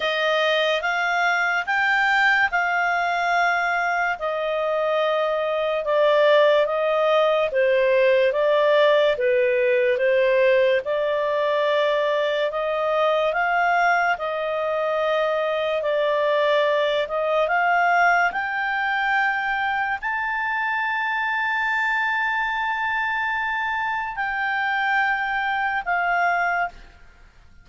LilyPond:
\new Staff \with { instrumentName = "clarinet" } { \time 4/4 \tempo 4 = 72 dis''4 f''4 g''4 f''4~ | f''4 dis''2 d''4 | dis''4 c''4 d''4 b'4 | c''4 d''2 dis''4 |
f''4 dis''2 d''4~ | d''8 dis''8 f''4 g''2 | a''1~ | a''4 g''2 f''4 | }